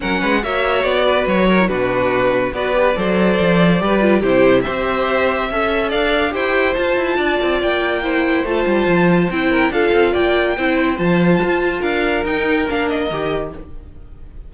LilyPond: <<
  \new Staff \with { instrumentName = "violin" } { \time 4/4 \tempo 4 = 142 fis''4 e''4 d''4 cis''4 | b'2 d''2~ | d''2 c''4 e''4~ | e''2 f''4 g''4 |
a''2 g''2 | a''2 g''4 f''4 | g''2 a''2 | f''4 g''4 f''8 dis''4. | }
  \new Staff \with { instrumentName = "violin" } { \time 4/4 ais'8 b'8 cis''4. b'4 ais'8 | fis'2 b'4 c''4~ | c''4 b'4 g'4 c''4~ | c''4 e''4 d''4 c''4~ |
c''4 d''2 c''4~ | c''2~ c''8 ais'8 a'4 | d''4 c''2. | ais'1 | }
  \new Staff \with { instrumentName = "viola" } { \time 4/4 cis'4 fis'2~ fis'8. e'16 | d'2 fis'8 g'8 a'4~ | a'4 g'8 f'8 e'4 g'4~ | g'4 a'2 g'4 |
f'2. e'4 | f'2 e'4 f'4~ | f'4 e'4 f'2~ | f'4 dis'4 d'4 g'4 | }
  \new Staff \with { instrumentName = "cello" } { \time 4/4 fis8 gis8 ais4 b4 fis4 | b,2 b4 fis4 | f4 g4 c4 c'4~ | c'4 cis'4 d'4 e'4 |
f'8 e'8 d'8 c'8 ais2 | a8 g8 f4 c'4 d'8 c'8 | ais4 c'4 f4 f'4 | d'4 dis'4 ais4 dis4 | }
>>